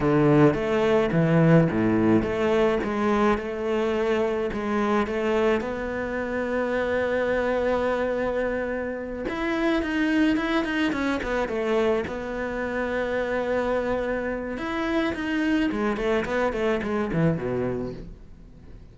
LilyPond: \new Staff \with { instrumentName = "cello" } { \time 4/4 \tempo 4 = 107 d4 a4 e4 a,4 | a4 gis4 a2 | gis4 a4 b2~ | b1~ |
b8 e'4 dis'4 e'8 dis'8 cis'8 | b8 a4 b2~ b8~ | b2 e'4 dis'4 | gis8 a8 b8 a8 gis8 e8 b,4 | }